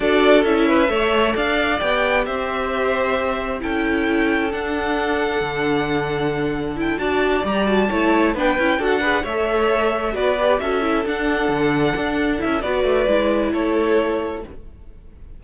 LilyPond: <<
  \new Staff \with { instrumentName = "violin" } { \time 4/4 \tempo 4 = 133 d''4 e''2 f''4 | g''4 e''2. | g''2 fis''2~ | fis''2. g''8 a''8~ |
a''8 ais''8 a''4. g''4 fis''8~ | fis''8 e''2 d''4 e''8~ | e''8 fis''2. e''8 | d''2 cis''2 | }
  \new Staff \with { instrumentName = "violin" } { \time 4/4 a'4. b'8 cis''4 d''4~ | d''4 c''2. | a'1~ | a'2.~ a'8 d''8~ |
d''4. cis''4 b'4 a'8 | b'8 cis''2 b'4 a'8~ | a'1 | b'2 a'2 | }
  \new Staff \with { instrumentName = "viola" } { \time 4/4 fis'4 e'4 a'2 | g'1 | e'2 d'2~ | d'2. e'8 fis'8~ |
fis'8 g'8 fis'8 e'4 d'8 e'8 fis'8 | gis'8 a'2 fis'8 g'8 fis'8 | e'8 d'2. e'8 | fis'4 e'2. | }
  \new Staff \with { instrumentName = "cello" } { \time 4/4 d'4 cis'4 a4 d'4 | b4 c'2. | cis'2 d'2 | d2.~ d8 d'8~ |
d'8 g4 a4 b8 cis'8 d'8~ | d'8 a2 b4 cis'8~ | cis'8 d'4 d4 d'4 cis'8 | b8 a8 gis4 a2 | }
>>